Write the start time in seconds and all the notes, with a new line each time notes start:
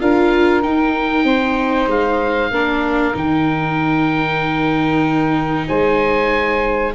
0.00 D4 F4 A#4 F5
0.62 D#4 G5
1.24 C4 C5
1.87 G#3 F5
2.51 A#3 D4 A#4
3.13 D#3 D#4 G5
5.67 G#3 C5 G#5